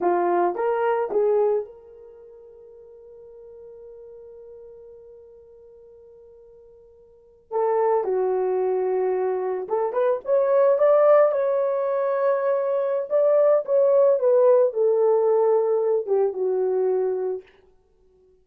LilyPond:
\new Staff \with { instrumentName = "horn" } { \time 4/4 \tempo 4 = 110 f'4 ais'4 gis'4 ais'4~ | ais'1~ | ais'1~ | ais'4.~ ais'16 a'4 fis'4~ fis'16~ |
fis'4.~ fis'16 a'8 b'8 cis''4 d''16~ | d''8. cis''2.~ cis''16 | d''4 cis''4 b'4 a'4~ | a'4. g'8 fis'2 | }